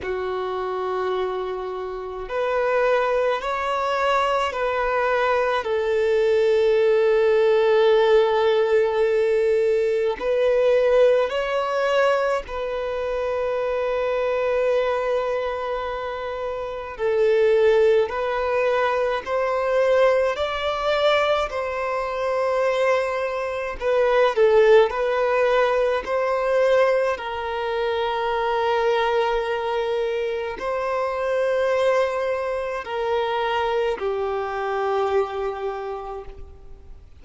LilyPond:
\new Staff \with { instrumentName = "violin" } { \time 4/4 \tempo 4 = 53 fis'2 b'4 cis''4 | b'4 a'2.~ | a'4 b'4 cis''4 b'4~ | b'2. a'4 |
b'4 c''4 d''4 c''4~ | c''4 b'8 a'8 b'4 c''4 | ais'2. c''4~ | c''4 ais'4 g'2 | }